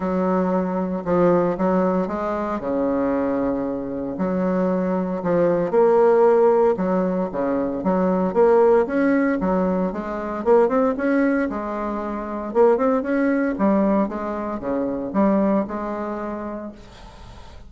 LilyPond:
\new Staff \with { instrumentName = "bassoon" } { \time 4/4 \tempo 4 = 115 fis2 f4 fis4 | gis4 cis2. | fis2 f4 ais4~ | ais4 fis4 cis4 fis4 |
ais4 cis'4 fis4 gis4 | ais8 c'8 cis'4 gis2 | ais8 c'8 cis'4 g4 gis4 | cis4 g4 gis2 | }